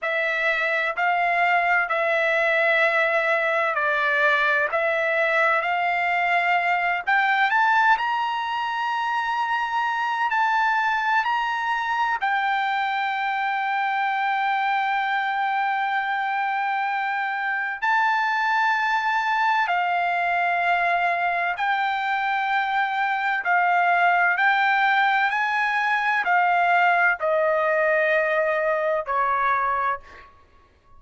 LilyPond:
\new Staff \with { instrumentName = "trumpet" } { \time 4/4 \tempo 4 = 64 e''4 f''4 e''2 | d''4 e''4 f''4. g''8 | a''8 ais''2~ ais''8 a''4 | ais''4 g''2.~ |
g''2. a''4~ | a''4 f''2 g''4~ | g''4 f''4 g''4 gis''4 | f''4 dis''2 cis''4 | }